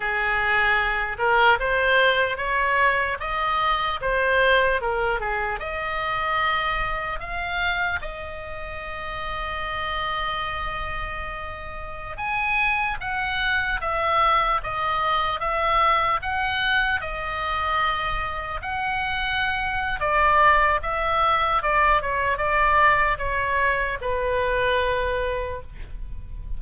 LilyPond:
\new Staff \with { instrumentName = "oboe" } { \time 4/4 \tempo 4 = 75 gis'4. ais'8 c''4 cis''4 | dis''4 c''4 ais'8 gis'8 dis''4~ | dis''4 f''4 dis''2~ | dis''2.~ dis''16 gis''8.~ |
gis''16 fis''4 e''4 dis''4 e''8.~ | e''16 fis''4 dis''2 fis''8.~ | fis''4 d''4 e''4 d''8 cis''8 | d''4 cis''4 b'2 | }